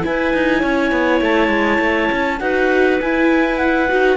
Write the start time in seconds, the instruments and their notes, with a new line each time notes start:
0.00 viola E4, cello E4, clarinet G#5
0.06 clarinet B4
0.34 cello D#4
0.60 cello C#4, clarinet C#5
0.92 cello B3
1.21 cello A3, clarinet A5
1.49 cello G#3
1.80 cello A3
2.12 cello C#4
2.40 cello D#4, viola F#4, clarinet B4 F#5
3.01 cello E4, viola E4, clarinet G#5
3.58 clarinet F#5
3.88 cello D#4, viola F#4